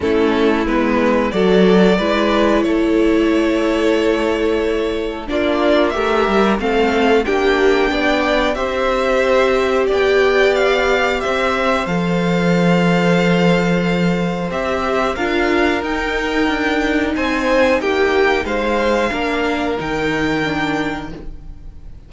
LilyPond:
<<
  \new Staff \with { instrumentName = "violin" } { \time 4/4 \tempo 4 = 91 a'4 b'4 d''2 | cis''1 | d''4 e''4 f''4 g''4~ | g''4 e''2 g''4 |
f''4 e''4 f''2~ | f''2 e''4 f''4 | g''2 gis''4 g''4 | f''2 g''2 | }
  \new Staff \with { instrumentName = "violin" } { \time 4/4 e'2 a'4 b'4 | a'1 | f'4 ais'4 a'4 g'4 | d''4 c''2 d''4~ |
d''4 c''2.~ | c''2. ais'4~ | ais'2 c''4 g'4 | c''4 ais'2. | }
  \new Staff \with { instrumentName = "viola" } { \time 4/4 cis'4 b4 fis'4 e'4~ | e'1 | d'4 g'4 c'4 d'4~ | d'4 g'2.~ |
g'2 a'2~ | a'2 g'4 f'4 | dis'1~ | dis'4 d'4 dis'4 d'4 | }
  \new Staff \with { instrumentName = "cello" } { \time 4/4 a4 gis4 fis4 gis4 | a1 | ais4 a8 g8 a4 ais4 | b4 c'2 b4~ |
b4 c'4 f2~ | f2 c'4 d'4 | dis'4 d'4 c'4 ais4 | gis4 ais4 dis2 | }
>>